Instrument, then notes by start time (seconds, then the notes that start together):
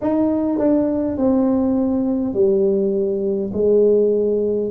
tuba
0.01 D#4
0.58 D4
1.17 C4
2.33 G3
3.53 G#3